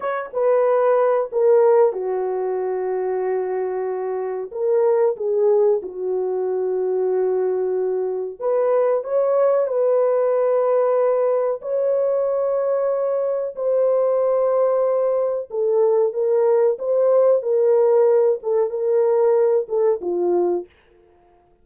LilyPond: \new Staff \with { instrumentName = "horn" } { \time 4/4 \tempo 4 = 93 cis''8 b'4. ais'4 fis'4~ | fis'2. ais'4 | gis'4 fis'2.~ | fis'4 b'4 cis''4 b'4~ |
b'2 cis''2~ | cis''4 c''2. | a'4 ais'4 c''4 ais'4~ | ais'8 a'8 ais'4. a'8 f'4 | }